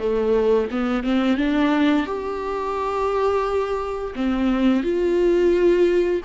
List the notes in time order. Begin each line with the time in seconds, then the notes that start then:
0.00 A3
0.72 B3
1.04 C4
1.38 D4
2.07 G4
4.16 C4
4.84 F4